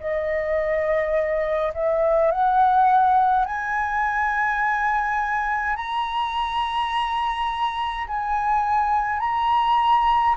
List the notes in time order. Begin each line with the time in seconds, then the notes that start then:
0.00 D#5
1.74 E5
2.31 F#5
3.45 G#5
5.76 A#5
8.07 G#5
9.20 A#5